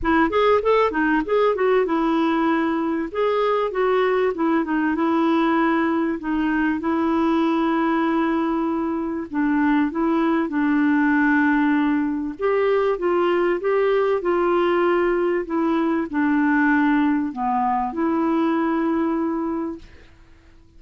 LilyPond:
\new Staff \with { instrumentName = "clarinet" } { \time 4/4 \tempo 4 = 97 e'8 gis'8 a'8 dis'8 gis'8 fis'8 e'4~ | e'4 gis'4 fis'4 e'8 dis'8 | e'2 dis'4 e'4~ | e'2. d'4 |
e'4 d'2. | g'4 f'4 g'4 f'4~ | f'4 e'4 d'2 | b4 e'2. | }